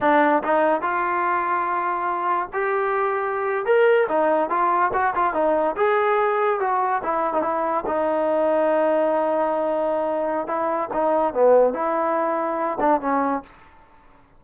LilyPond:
\new Staff \with { instrumentName = "trombone" } { \time 4/4 \tempo 4 = 143 d'4 dis'4 f'2~ | f'2 g'2~ | g'8. ais'4 dis'4 f'4 fis'16~ | fis'16 f'8 dis'4 gis'2 fis'16~ |
fis'8. e'8. dis'16 e'4 dis'4~ dis'16~ | dis'1~ | dis'4 e'4 dis'4 b4 | e'2~ e'8 d'8 cis'4 | }